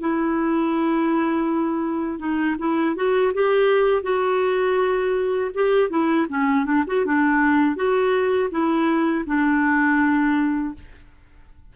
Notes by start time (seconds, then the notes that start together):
0.00 E4
2.19 D#4
2.59 E4
2.96 F#4
3.34 G4
4.03 F#4
5.54 G4
5.90 E4
6.29 C#4
6.65 D4
6.87 F#4
7.05 D4
7.76 F#4
8.51 E4
9.26 D4